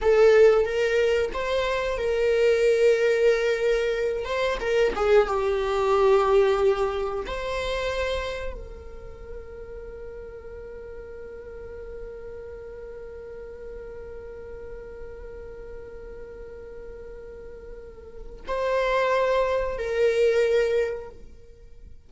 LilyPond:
\new Staff \with { instrumentName = "viola" } { \time 4/4 \tempo 4 = 91 a'4 ais'4 c''4 ais'4~ | ais'2~ ais'8 c''8 ais'8 gis'8 | g'2. c''4~ | c''4 ais'2.~ |
ais'1~ | ais'1~ | ais'1 | c''2 ais'2 | }